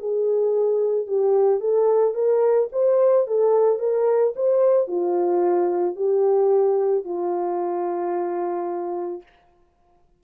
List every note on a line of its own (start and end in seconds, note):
0.00 1.08 G#4
1.08 1.61 G4
1.61 2.15 A4
2.15 2.69 A#4
2.73 3.27 C5
3.27 3.79 A4
3.79 4.34 A#4
4.36 4.88 C5
4.88 5.97 F4
5.97 7.05 G4
7.05 9.23 F4